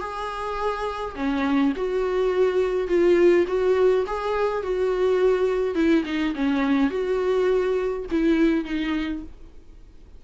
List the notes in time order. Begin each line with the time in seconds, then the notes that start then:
0.00 G#4
1.16 C#4
1.77 F#4
2.88 F4
3.47 F#4
4.07 G#4
4.63 F#4
5.75 E4
6.06 D#4
6.35 C#4
6.90 F#4
8.11 E4
8.65 D#4